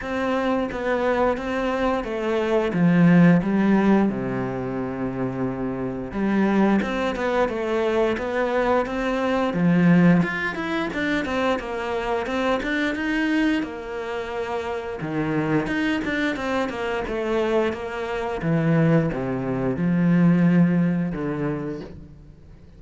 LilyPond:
\new Staff \with { instrumentName = "cello" } { \time 4/4 \tempo 4 = 88 c'4 b4 c'4 a4 | f4 g4 c2~ | c4 g4 c'8 b8 a4 | b4 c'4 f4 f'8 e'8 |
d'8 c'8 ais4 c'8 d'8 dis'4 | ais2 dis4 dis'8 d'8 | c'8 ais8 a4 ais4 e4 | c4 f2 d4 | }